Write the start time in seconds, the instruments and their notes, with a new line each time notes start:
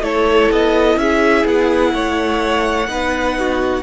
0.00 cello A3, viola E4, violin A4 C#5
0.52 cello B3, violin D#5
0.96 cello C#4, violin G#4 E5
1.45 cello B3, violin F#5
1.93 cello A3, violin C#5
2.88 cello B3, viola D#4, violin B4
3.39 violin F#4